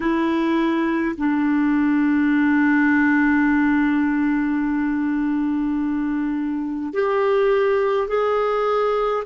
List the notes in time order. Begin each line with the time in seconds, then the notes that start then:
0.00 E4
1.17 D4
6.93 G4
8.08 G#4